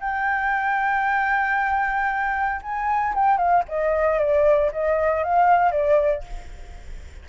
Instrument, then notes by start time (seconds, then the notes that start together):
flute
0.00 G5
2.62 G#5
3.15 G5
3.37 F5
3.69 D#5
4.19 D5
4.72 D#5
5.23 F5
5.72 D5